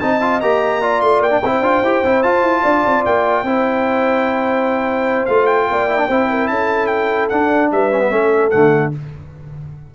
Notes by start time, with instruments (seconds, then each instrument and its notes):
0.00 tuba C4, trombone D#4, horn D#5, trumpet A5
0.21 trombone F4
0.41 tuba A#3, trombone G4, trumpet A#5
0.82 trombone F4, horn D5
1.01 tuba A3, trumpet C6
1.20 tuba A#3, trumpet G5
1.31 trombone D4
1.44 tuba C4, trombone E4, horn C5
1.61 tuba D4, trombone F4
1.83 tuba E4, trombone G4
2.05 tuba C4, trombone E4
2.23 tuba F4, trombone F4, trumpet A5
2.42 tuba E4
2.63 tuba D4, horn D5
2.86 tuba C4
3.06 tuba A#3, trumpet G5
3.43 tuba C4, trombone E4, horn C5
5.26 tuba A3, trombone F4, trumpet F5
5.47 trumpet G5
5.70 tuba A#3, horn D5
5.89 trombone E4
5.98 trombone D4
6.08 tuba C4, trombone E4, horn C5
6.30 horn A#4
6.48 tuba C#4, horn A4, trumpet A5
6.87 trumpet G5
7.29 tuba D4, trombone D4, trumpet F#5
7.72 tuba G3, horn B4, trumpet E5
7.92 trombone C#4
8.00 trombone B3
8.11 tuba A3, trombone C#4, horn A4
8.51 tuba D3, trombone A3, trumpet F#5